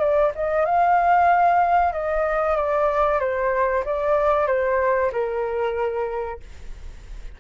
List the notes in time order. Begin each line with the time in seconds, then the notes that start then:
0.00 D5
0.35 D#5
0.66 F5
1.93 D#5
2.57 D5
3.20 C5
3.85 D5
4.47 C5
5.12 A#4